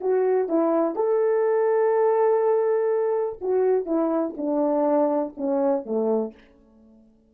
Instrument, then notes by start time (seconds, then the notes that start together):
horn
0.00 F#4
0.48 E4
0.95 A4
3.41 F#4
3.85 E4
4.37 D4
5.37 C#4
5.85 A3